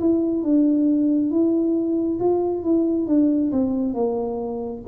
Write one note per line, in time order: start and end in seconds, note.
0.00 0.43 E4
0.43 1.31 D4
1.31 2.19 E4
2.19 2.63 F4
2.63 3.07 E4
3.07 3.51 D4
3.51 3.94 C4
3.94 4.82 A#3